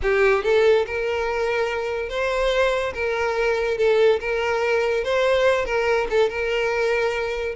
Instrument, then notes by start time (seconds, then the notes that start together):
violin
0.02 G4
0.43 A4
0.86 A#4
2.09 C5
2.94 A#4
3.77 A4
4.20 A#4
5.04 C5
5.65 A#4
6.10 A4
6.29 A#4